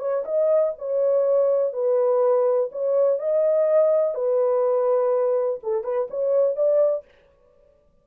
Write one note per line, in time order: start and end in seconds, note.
0.00 0.24 C#5
0.25 0.74 D#5
0.79 1.74 C#5
1.74 2.70 B4
2.72 3.19 C#5
3.19 4.15 D#5
4.15 5.60 B4
5.63 5.84 A4
5.84 6.08 B4
6.11 6.57 C#5
6.57 7.05 D5